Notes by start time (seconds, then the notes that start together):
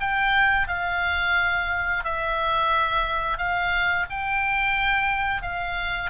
0.00 G5
0.68 F5
2.04 E5
3.37 F5
4.10 G5
5.42 F5